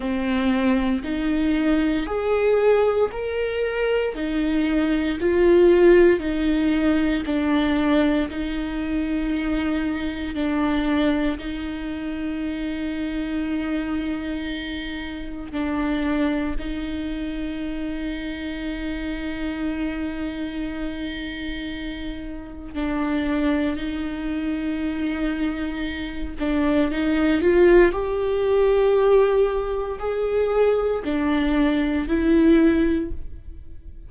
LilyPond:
\new Staff \with { instrumentName = "viola" } { \time 4/4 \tempo 4 = 58 c'4 dis'4 gis'4 ais'4 | dis'4 f'4 dis'4 d'4 | dis'2 d'4 dis'4~ | dis'2. d'4 |
dis'1~ | dis'2 d'4 dis'4~ | dis'4. d'8 dis'8 f'8 g'4~ | g'4 gis'4 d'4 e'4 | }